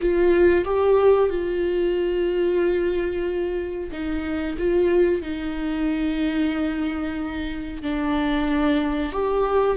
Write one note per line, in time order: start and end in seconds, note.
0.01 0.64 F4
0.64 1.29 G4
1.29 3.90 F4
3.91 4.57 D#4
4.57 5.22 F4
5.22 7.82 D#4
7.82 9.12 D4
9.12 9.76 G4